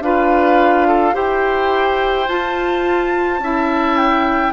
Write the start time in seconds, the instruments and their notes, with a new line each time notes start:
0.00 bassoon D4, clarinet F4, oboe B4, flute F5
0.88 oboe A4
1.13 bassoon E4, clarinet G4, oboe C5, flute G5
2.28 bassoon F4, clarinet F4, flute A5
3.39 bassoon C#4, clarinet E4, oboe E5
3.97 flute G5